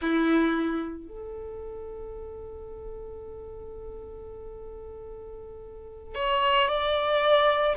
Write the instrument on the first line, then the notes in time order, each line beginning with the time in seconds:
violin
0.01 E4
1.07 A4
6.15 C#5
6.68 D5